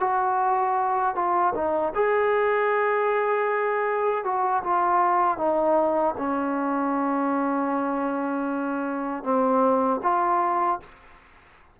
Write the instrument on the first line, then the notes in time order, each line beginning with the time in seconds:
trombone
0.00 F#4
1.15 F4
1.55 D#4
1.95 G#4
4.24 F#4
4.64 F4
5.38 D#4
6.17 C#4
9.24 C4
10.03 F4